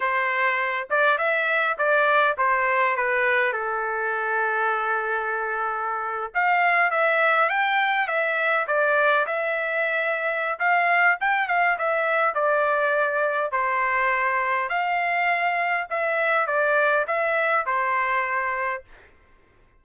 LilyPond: \new Staff \with { instrumentName = "trumpet" } { \time 4/4 \tempo 4 = 102 c''4. d''8 e''4 d''4 | c''4 b'4 a'2~ | a'2~ a'8. f''4 e''16~ | e''8. g''4 e''4 d''4 e''16~ |
e''2 f''4 g''8 f''8 | e''4 d''2 c''4~ | c''4 f''2 e''4 | d''4 e''4 c''2 | }